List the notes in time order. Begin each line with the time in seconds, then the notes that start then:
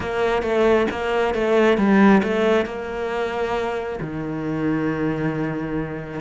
0.00 A#3
0.42 A3
0.90 A#3
1.34 A3
1.77 G3
2.23 A3
2.65 A#3
4.00 D#3